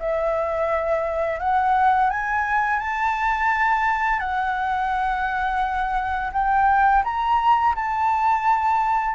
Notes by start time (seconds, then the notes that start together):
0.00 E5
1.40 F#5
2.10 G#5
2.79 A5
4.20 F#5
6.33 G5
7.04 A#5
7.76 A5